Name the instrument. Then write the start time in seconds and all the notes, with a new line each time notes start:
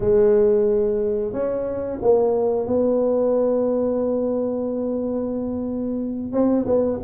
tuba
0.00 G#3
1.32 C#4
2.01 A#3
2.66 B3
6.32 C4
6.65 B3